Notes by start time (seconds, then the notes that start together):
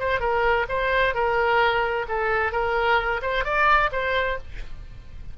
0.00 C5
0.20 A#4
0.69 C5
1.15 A#4
2.09 A4
2.53 A#4
3.22 C5
3.45 D5
3.92 C5